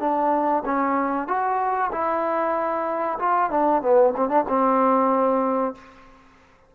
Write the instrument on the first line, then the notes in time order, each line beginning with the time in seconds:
trombone
0.00 D4
0.65 C#4
1.28 F#4
1.92 E4
3.19 F4
3.51 D4
3.82 B3
4.17 C4
4.29 D4
4.48 C4